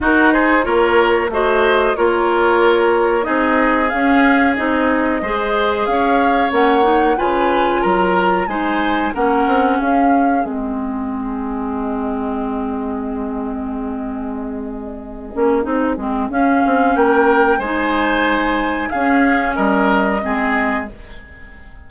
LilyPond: <<
  \new Staff \with { instrumentName = "flute" } { \time 4/4 \tempo 4 = 92 ais'8 c''8 cis''4 dis''4 cis''4~ | cis''4 dis''4 f''4 dis''4~ | dis''4 f''4 fis''4 gis''4 | ais''4 gis''4 fis''4 f''4 |
dis''1~ | dis''1~ | dis''4 f''4 g''4 gis''4~ | gis''4 f''4 dis''2 | }
  \new Staff \with { instrumentName = "oboe" } { \time 4/4 fis'8 gis'8 ais'4 c''4 ais'4~ | ais'4 gis'2. | c''4 cis''2 b'4 | ais'4 c''4 ais'4 gis'4~ |
gis'1~ | gis'1~ | gis'2 ais'4 c''4~ | c''4 gis'4 ais'4 gis'4 | }
  \new Staff \with { instrumentName = "clarinet" } { \time 4/4 dis'4 f'4 fis'4 f'4~ | f'4 dis'4 cis'4 dis'4 | gis'2 cis'8 dis'8 f'4~ | f'4 dis'4 cis'2 |
c'1~ | c'2.~ c'8 cis'8 | dis'8 c'8 cis'2 dis'4~ | dis'4 cis'2 c'4 | }
  \new Staff \with { instrumentName = "bassoon" } { \time 4/4 dis'4 ais4 a4 ais4~ | ais4 c'4 cis'4 c'4 | gis4 cis'4 ais4 cis4 | fis4 gis4 ais8 c'8 cis'4 |
gis1~ | gis2.~ gis8 ais8 | c'8 gis8 cis'8 c'8 ais4 gis4~ | gis4 cis'4 g4 gis4 | }
>>